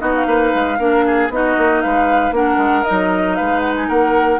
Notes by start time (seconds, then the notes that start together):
0.00 B3 D#4 F#4 D#5
0.15 F5
0.27 A#3 B4
0.55 G#3
0.79 A#3 D4 A#4
1.06 G#4
1.30 B3 D#4 F#4 D#5
1.58 A#3
1.82 G#3 B4 F5
2.32 A#3 D4 A#4 F#5
2.58 G#3
2.84 D#4 D#5
2.91 F#3
3.36 G#3 B4 F5
3.60 F#5
3.77 G#5
3.88 A#3 A#4 F#5